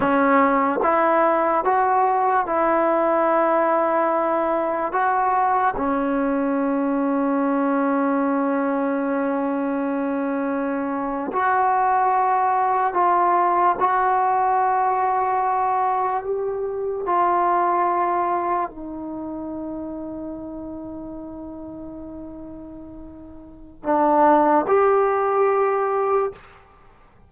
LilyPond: \new Staff \with { instrumentName = "trombone" } { \time 4/4 \tempo 4 = 73 cis'4 e'4 fis'4 e'4~ | e'2 fis'4 cis'4~ | cis'1~ | cis'4.~ cis'16 fis'2 f'16~ |
f'8. fis'2. g'16~ | g'8. f'2 dis'4~ dis'16~ | dis'1~ | dis'4 d'4 g'2 | }